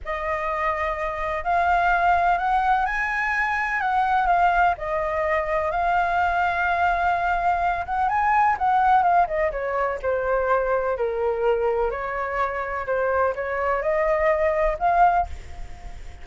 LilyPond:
\new Staff \with { instrumentName = "flute" } { \time 4/4 \tempo 4 = 126 dis''2. f''4~ | f''4 fis''4 gis''2 | fis''4 f''4 dis''2 | f''1~ |
f''8 fis''8 gis''4 fis''4 f''8 dis''8 | cis''4 c''2 ais'4~ | ais'4 cis''2 c''4 | cis''4 dis''2 f''4 | }